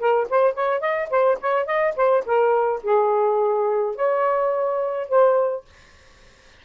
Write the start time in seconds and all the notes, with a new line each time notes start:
0.00 A#4
0.30 C5
0.54 C#5
0.81 D#5
1.10 C5
1.41 C#5
1.66 D#5
1.96 C5
2.26 A#4
2.83 G#4
3.96 C#5
5.09 C5